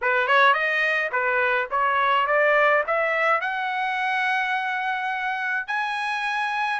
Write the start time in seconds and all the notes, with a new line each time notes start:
0.01 B4
0.27 C#5
0.53 D#5
1.11 B4
1.71 C#5
2.26 D5
2.86 E5
3.41 F#5
5.67 G#5